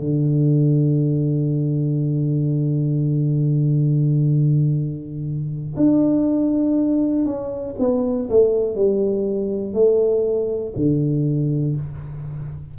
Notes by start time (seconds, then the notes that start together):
0.00 D3
5.77 D4
7.25 C#4
7.79 B3
8.30 A3
8.75 G3
9.74 A3
10.76 D3